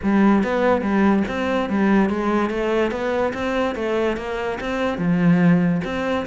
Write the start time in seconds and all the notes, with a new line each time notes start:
0.02 G3
0.43 B3
0.81 G3
1.27 C4
1.69 G3
2.09 G#3
2.50 A3
2.91 B3
3.33 C4
3.75 A3
4.17 A#3
4.60 C4
4.98 F3
5.84 C4